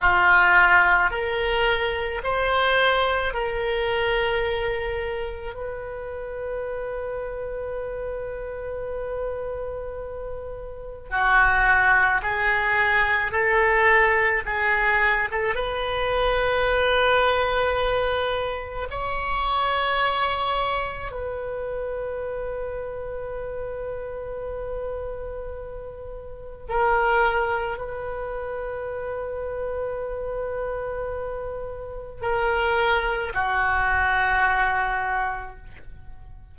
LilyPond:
\new Staff \with { instrumentName = "oboe" } { \time 4/4 \tempo 4 = 54 f'4 ais'4 c''4 ais'4~ | ais'4 b'2.~ | b'2 fis'4 gis'4 | a'4 gis'8. a'16 b'2~ |
b'4 cis''2 b'4~ | b'1 | ais'4 b'2.~ | b'4 ais'4 fis'2 | }